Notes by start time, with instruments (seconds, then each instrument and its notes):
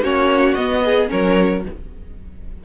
0.00 cello A#3, viola C#4, violin F#4 C#5
0.54 cello B3, viola B3, violin D#5
0.85 violin G#4
1.08 cello F#3, viola C#4, violin A#4 C#5